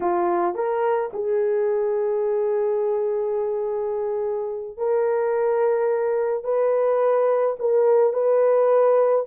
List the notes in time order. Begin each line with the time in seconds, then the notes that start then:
0.00 F4
0.54 A#4
1.13 G#4
4.77 A#4
6.44 B4
7.59 A#4
8.13 B4